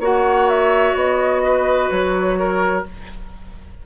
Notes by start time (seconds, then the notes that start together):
0.00 A#3 F#4 C#5 F#5
0.49 E5
0.95 B3 D#5
1.45 B4
1.90 F#3 C#5
2.39 A#4